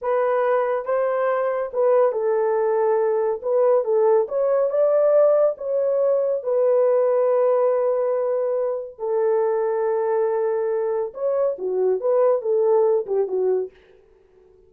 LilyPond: \new Staff \with { instrumentName = "horn" } { \time 4/4 \tempo 4 = 140 b'2 c''2 | b'4 a'2. | b'4 a'4 cis''4 d''4~ | d''4 cis''2 b'4~ |
b'1~ | b'4 a'2.~ | a'2 cis''4 fis'4 | b'4 a'4. g'8 fis'4 | }